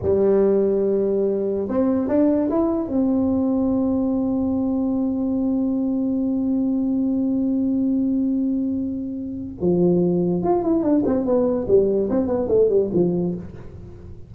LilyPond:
\new Staff \with { instrumentName = "tuba" } { \time 4/4 \tempo 4 = 144 g1 | c'4 d'4 e'4 c'4~ | c'1~ | c'1~ |
c'1~ | c'2. f4~ | f4 f'8 e'8 d'8 c'8 b4 | g4 c'8 b8 a8 g8 f4 | }